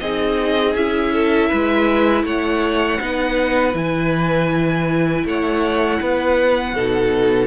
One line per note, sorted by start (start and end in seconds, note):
0.00 0.75 C4
0.00 0.77 D#4
0.00 1.14 G#4
0.00 0.75 D#5
0.75 1.50 C#4
0.75 3.00 E4
0.75 2.25 E5
1.14 1.49 A4
1.49 2.23 G#3
1.49 2.24 B4
2.23 2.98 A3
2.23 3.01 C#5
2.23 3.75 F#5
3.00 3.74 B3
3.00 3.73 D#4
3.00 5.26 B4
3.73 5.24 E3
3.73 6.73 E4
3.73 5.26 G#5
5.25 6.00 A3
5.25 6.00 C#5
5.25 7.47 F#5
6.00 6.74 B3
6.00 6.75 B4
6.74 7.47 B2
6.74 7.47 D#4
6.74 7.47 A4